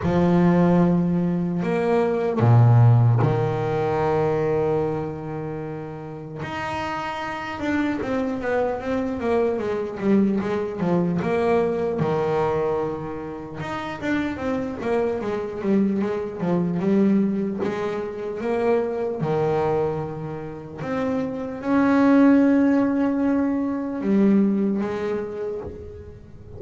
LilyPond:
\new Staff \with { instrumentName = "double bass" } { \time 4/4 \tempo 4 = 75 f2 ais4 ais,4 | dis1 | dis'4. d'8 c'8 b8 c'8 ais8 | gis8 g8 gis8 f8 ais4 dis4~ |
dis4 dis'8 d'8 c'8 ais8 gis8 g8 | gis8 f8 g4 gis4 ais4 | dis2 c'4 cis'4~ | cis'2 g4 gis4 | }